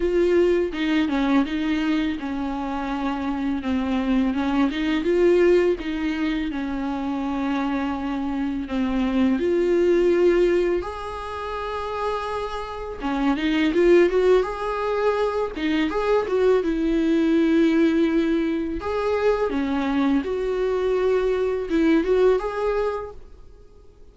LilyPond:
\new Staff \with { instrumentName = "viola" } { \time 4/4 \tempo 4 = 83 f'4 dis'8 cis'8 dis'4 cis'4~ | cis'4 c'4 cis'8 dis'8 f'4 | dis'4 cis'2. | c'4 f'2 gis'4~ |
gis'2 cis'8 dis'8 f'8 fis'8 | gis'4. dis'8 gis'8 fis'8 e'4~ | e'2 gis'4 cis'4 | fis'2 e'8 fis'8 gis'4 | }